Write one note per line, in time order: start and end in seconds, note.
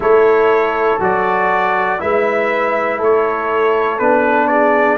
0.00 0.96 A3
0.00 0.99 E4
0.00 2.00 A4
0.00 1.01 C#5
0.99 1.99 F#3
0.99 1.99 F#4
0.99 2.00 D5
1.99 3.00 G#3
1.99 3.99 E4
1.99 2.99 B4
1.99 3.00 E5
2.99 4.00 A3
2.99 4.49 A4
2.99 3.98 C#5
3.98 4.98 B3
3.98 4.98 D4
3.98 4.47 B4
4.47 4.98 G#4
4.47 4.97 D5